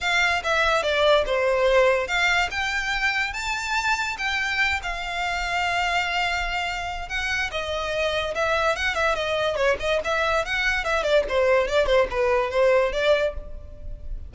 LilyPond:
\new Staff \with { instrumentName = "violin" } { \time 4/4 \tempo 4 = 144 f''4 e''4 d''4 c''4~ | c''4 f''4 g''2 | a''2 g''4. f''8~ | f''1~ |
f''4 fis''4 dis''2 | e''4 fis''8 e''8 dis''4 cis''8 dis''8 | e''4 fis''4 e''8 d''8 c''4 | d''8 c''8 b'4 c''4 d''4 | }